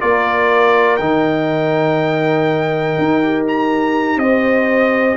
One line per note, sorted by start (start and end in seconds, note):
0.00 1.00 A#3
0.00 0.98 F4
0.00 4.20 A#4
0.00 0.96 D5
0.96 2.97 D#3
0.96 3.22 D#4
0.96 3.42 G5
2.98 4.16 D#4
3.22 5.17 G4
3.48 4.19 A#5
4.16 5.15 C4
4.16 5.17 C5
4.16 5.17 D#5